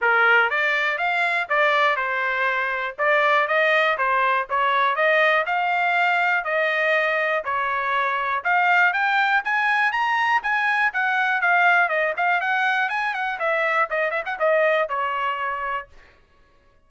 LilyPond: \new Staff \with { instrumentName = "trumpet" } { \time 4/4 \tempo 4 = 121 ais'4 d''4 f''4 d''4 | c''2 d''4 dis''4 | c''4 cis''4 dis''4 f''4~ | f''4 dis''2 cis''4~ |
cis''4 f''4 g''4 gis''4 | ais''4 gis''4 fis''4 f''4 | dis''8 f''8 fis''4 gis''8 fis''8 e''4 | dis''8 e''16 fis''16 dis''4 cis''2 | }